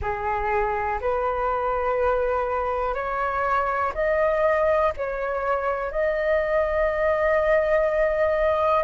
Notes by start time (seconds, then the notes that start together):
0.01 G#4
1.01 B4
2.94 C#5
3.94 D#5
4.97 C#5
5.91 D#5